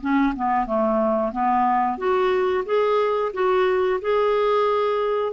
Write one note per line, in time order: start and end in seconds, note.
0.00 0.33 C#4
0.35 0.66 B3
0.66 1.32 A3
1.32 1.97 B3
1.97 2.64 F#4
2.65 3.32 G#4
3.33 4.00 F#4
4.01 5.33 G#4